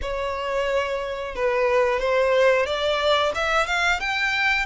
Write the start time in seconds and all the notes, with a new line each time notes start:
0.02 C#5
1.35 B4
1.99 C5
2.65 D5
3.34 E5
3.66 F5
4.00 G5